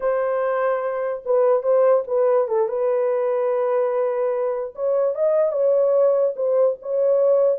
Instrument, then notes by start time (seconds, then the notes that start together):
horn
0.00 C5
1.25 B4
1.62 C5
2.07 B4
2.48 A4
2.68 B4
4.75 C#5
5.14 D#5
5.52 C#5
6.36 C5
6.82 C#5